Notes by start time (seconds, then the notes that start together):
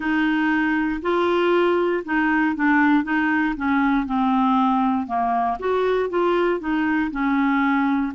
0.00 D#4
1.02 F4
2.04 D#4
2.55 D4
3.03 D#4
3.56 C#4
4.06 C4
5.06 A#3
5.59 F#4
6.09 F4
6.60 D#4
7.11 C#4